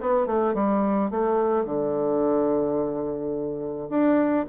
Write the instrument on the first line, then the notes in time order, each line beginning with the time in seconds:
bassoon
0.00 B3
0.26 A3
0.54 G3
1.10 A3
1.65 D3
3.89 D4